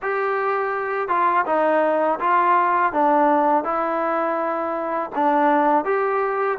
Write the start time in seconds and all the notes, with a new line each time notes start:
0.02 G4
1.08 F4
1.46 D#4
2.19 F4
2.92 D4
3.64 E4
5.15 D4
5.84 G4